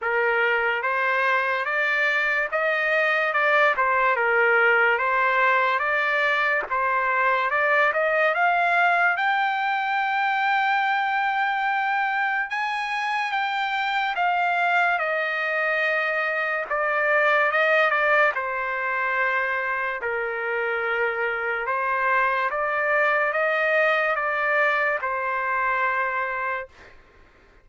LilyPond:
\new Staff \with { instrumentName = "trumpet" } { \time 4/4 \tempo 4 = 72 ais'4 c''4 d''4 dis''4 | d''8 c''8 ais'4 c''4 d''4 | c''4 d''8 dis''8 f''4 g''4~ | g''2. gis''4 |
g''4 f''4 dis''2 | d''4 dis''8 d''8 c''2 | ais'2 c''4 d''4 | dis''4 d''4 c''2 | }